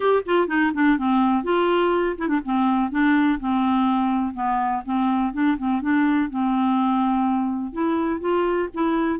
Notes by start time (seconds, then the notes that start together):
0.00 G4
0.25 F4
0.47 D#4
0.73 D4
0.98 C4
1.43 F4
2.18 E4
2.28 D4
2.44 C4
2.90 D4
3.40 C4
4.34 B3
4.85 C4
5.33 D4
5.57 C4
5.81 D4
6.30 C4
7.72 E4
8.20 F4
8.73 E4